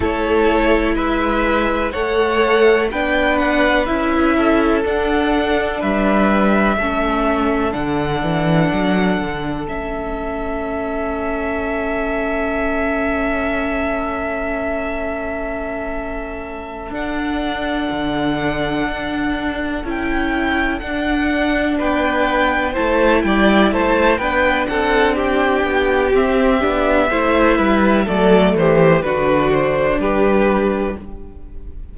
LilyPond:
<<
  \new Staff \with { instrumentName = "violin" } { \time 4/4 \tempo 4 = 62 cis''4 e''4 fis''4 g''8 fis''8 | e''4 fis''4 e''2 | fis''2 e''2~ | e''1~ |
e''4. fis''2~ fis''8~ | fis''8 g''4 fis''4 g''4 a''8 | g''8 a''8 g''8 fis''8 g''4 e''4~ | e''4 d''8 c''8 b'8 c''8 b'4 | }
  \new Staff \with { instrumentName = "violin" } { \time 4/4 a'4 b'4 cis''4 b'4~ | b'8 a'4. b'4 a'4~ | a'1~ | a'1~ |
a'1~ | a'2~ a'8 b'4 c''8 | d''8 c''8 b'8 a'8 g'2 | c''8 b'8 a'8 g'8 fis'4 g'4 | }
  \new Staff \with { instrumentName = "viola" } { \time 4/4 e'2 a'4 d'4 | e'4 d'2 cis'4 | d'2 cis'2~ | cis'1~ |
cis'4. d'2~ d'8~ | d'8 e'4 d'2 e'8~ | e'4 d'2 c'8 d'8 | e'4 a4 d'2 | }
  \new Staff \with { instrumentName = "cello" } { \time 4/4 a4 gis4 a4 b4 | cis'4 d'4 g4 a4 | d8 e8 fis8 d8 a2~ | a1~ |
a4. d'4 d4 d'8~ | d'8 cis'4 d'4 b4 a8 | g8 a8 b8 c'4 b8 c'8 b8 | a8 g8 fis8 e8 d4 g4 | }
>>